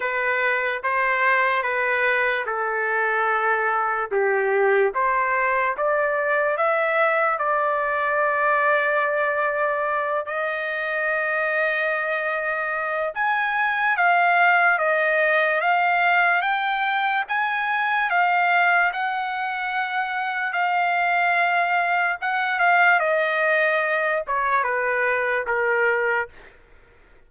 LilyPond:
\new Staff \with { instrumentName = "trumpet" } { \time 4/4 \tempo 4 = 73 b'4 c''4 b'4 a'4~ | a'4 g'4 c''4 d''4 | e''4 d''2.~ | d''8 dis''2.~ dis''8 |
gis''4 f''4 dis''4 f''4 | g''4 gis''4 f''4 fis''4~ | fis''4 f''2 fis''8 f''8 | dis''4. cis''8 b'4 ais'4 | }